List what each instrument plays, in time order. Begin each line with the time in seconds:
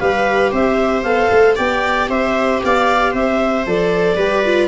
0.00 tuba G3, viola G4 B4, clarinet F5
0.52 tuba C4, viola C5, clarinet E5
1.03 tuba B3, viola A4, clarinet F5
1.32 tuba A3
1.55 tuba B3, viola G4 D5, clarinet G5
2.09 tuba C4, viola C5, clarinet E5
2.64 tuba B3, viola D5, clarinet F5
3.11 tuba C4, viola C5, clarinet E5
3.66 tuba F3, viola A4, clarinet D5
4.16 tuba G3, viola G4 B4
4.45 viola F4